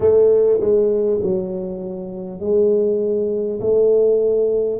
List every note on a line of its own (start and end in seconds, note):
0.00 0.60 A3
0.60 1.20 G#3
1.23 2.39 F#3
2.39 3.59 G#3
3.60 4.79 A3